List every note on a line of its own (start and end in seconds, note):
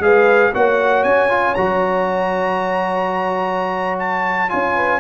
0.00 0.51 G#3
0.00 0.52 G#4
0.00 0.53 B4
0.00 0.54 F5
0.53 1.04 A#3
0.53 1.29 F#4
0.53 4.75 C#5
0.53 1.04 F#5
1.04 1.56 C#4
1.04 1.55 G#5
1.29 1.55 F4
1.55 4.52 F#3
1.55 4.49 F#4
1.55 3.98 A#5
3.99 4.50 A5
4.49 5.00 C#4
4.49 5.00 F4
4.49 5.00 G#5
4.75 5.00 B4